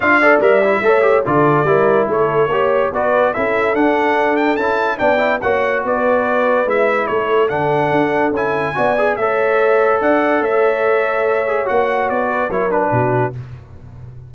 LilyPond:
<<
  \new Staff \with { instrumentName = "trumpet" } { \time 4/4 \tempo 4 = 144 f''4 e''2 d''4~ | d''4 cis''2 d''4 | e''4 fis''4. g''8 a''4 | g''4 fis''4 d''2 |
e''4 cis''4 fis''2 | gis''2 e''2 | fis''4 e''2. | fis''4 d''4 cis''8 b'4. | }
  \new Staff \with { instrumentName = "horn" } { \time 4/4 e''8 d''4. cis''4 a'4 | ais'4 a'4 cis''4 b'4 | a'1 | d''4 cis''4 b'2~ |
b'4 a'2.~ | a'4 d''4 cis''2 | d''4 cis''2.~ | cis''4. b'8 ais'4 fis'4 | }
  \new Staff \with { instrumentName = "trombone" } { \time 4/4 f'8 a'8 ais'8 e'8 a'8 g'8 f'4 | e'2 g'4 fis'4 | e'4 d'2 e'4 | d'8 e'8 fis'2. |
e'2 d'2 | e'4 fis'8 gis'8 a'2~ | a'2.~ a'8 gis'8 | fis'2 e'8 d'4. | }
  \new Staff \with { instrumentName = "tuba" } { \time 4/4 d'4 g4 a4 d4 | g4 a4 ais4 b4 | cis'4 d'2 cis'4 | b4 ais4 b2 |
gis4 a4 d4 d'4 | cis'4 b4 a2 | d'4 a2. | ais4 b4 fis4 b,4 | }
>>